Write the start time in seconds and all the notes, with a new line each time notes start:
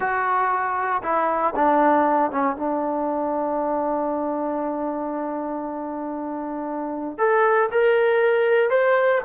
0.00 F#4
1.03 E4
1.55 D4
2.31 C#4
2.56 D4
7.18 A4
7.71 A#4
8.70 C5